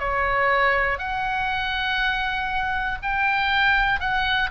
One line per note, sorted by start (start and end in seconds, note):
0.00 0.99 C#5
0.99 2.99 F#5
3.03 4.00 G5
4.00 4.50 F#5